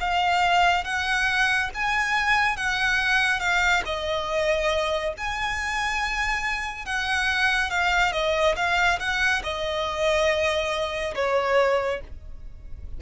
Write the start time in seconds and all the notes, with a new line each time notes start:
0.00 F5
0.84 F#5
1.74 G#5
2.56 F#5
3.39 F5
3.85 D#5
5.17 G#5
6.85 F#5
7.70 F5
8.12 D#5
8.56 F5
8.99 F#5
9.43 D#5
11.15 C#5